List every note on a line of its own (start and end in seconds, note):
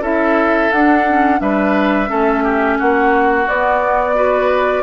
0.00 0.69 C#4
0.00 0.71 E4
0.00 1.39 A4
0.00 0.71 E5
0.71 1.40 D4
0.71 1.08 D4
0.71 1.40 F#5
1.08 1.38 C#4
1.38 2.09 G3
1.38 2.06 D4
1.38 2.09 B4
1.38 2.77 E5
2.06 2.79 A3
2.06 3.44 C#4
2.06 2.43 A4
2.43 2.78 G4
2.78 3.47 A#3
2.78 4.16 F#4
2.78 3.48 F#5
3.47 4.82 B3
3.47 4.15 B3
3.47 4.82 D5
4.15 4.82 F#4
4.15 4.82 B4